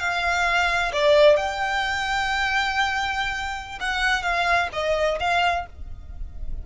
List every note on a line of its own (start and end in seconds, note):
0.00 0.92 F5
0.93 1.37 D5
1.37 3.79 G5
3.81 4.23 F#5
4.23 4.69 F5
4.73 5.19 D#5
5.20 5.67 F5